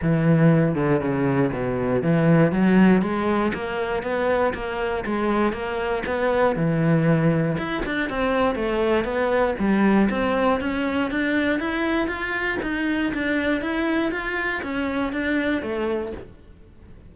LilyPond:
\new Staff \with { instrumentName = "cello" } { \time 4/4 \tempo 4 = 119 e4. d8 cis4 b,4 | e4 fis4 gis4 ais4 | b4 ais4 gis4 ais4 | b4 e2 e'8 d'8 |
c'4 a4 b4 g4 | c'4 cis'4 d'4 e'4 | f'4 dis'4 d'4 e'4 | f'4 cis'4 d'4 a4 | }